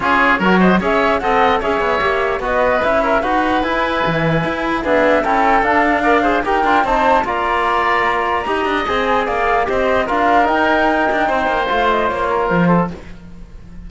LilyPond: <<
  \new Staff \with { instrumentName = "flute" } { \time 4/4 \tempo 4 = 149 cis''4. dis''8 e''4 fis''4 | e''2 dis''4 e''4 | fis''4 gis''2. | e''4 g''4 f''2 |
g''4 a''4 ais''2~ | ais''2 gis''4 f''4 | dis''4 f''4 g''2~ | g''4 f''8 dis''8 cis''4 c''4 | }
  \new Staff \with { instrumentName = "oboe" } { \time 4/4 gis'4 ais'8 c''8 cis''4 dis''4 | cis''2 b'4. ais'8 | b'1 | gis'4 a'2 d''8 c''8 |
ais'4 c''4 d''2~ | d''4 dis''2 d''4 | c''4 ais'2. | c''2~ c''8 ais'4 a'8 | }
  \new Staff \with { instrumentName = "trombone" } { \time 4/4 f'4 fis'4 gis'4 a'4 | gis'4 g'4 fis'4 e'4 | fis'4 e'2. | b4 e'4 d'4 ais'8 gis'8 |
g'8 f'8 dis'4 f'2~ | f'4 g'4 gis'2 | g'4 f'4 dis'2~ | dis'4 f'2. | }
  \new Staff \with { instrumentName = "cello" } { \time 4/4 cis'4 fis4 cis'4 c'4 | cis'8 b8 ais4 b4 cis'4 | dis'4 e'4 e4 e'4 | d'4 cis'4 d'2 |
dis'8 d'8 c'4 ais2~ | ais4 dis'8 d'8 c'4 ais4 | c'4 d'4 dis'4. d'8 | c'8 ais8 a4 ais4 f4 | }
>>